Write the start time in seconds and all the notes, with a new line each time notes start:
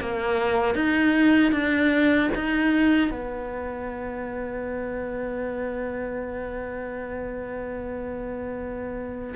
0.00 A#3
0.75 D#4
1.52 D4
2.34 D#4
3.11 B3